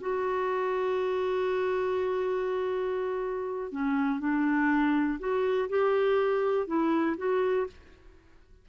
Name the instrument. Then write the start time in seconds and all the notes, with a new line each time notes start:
clarinet
0.00 F#4
3.71 C#4
4.19 D4
5.19 F#4
5.69 G4
6.66 E4
7.17 F#4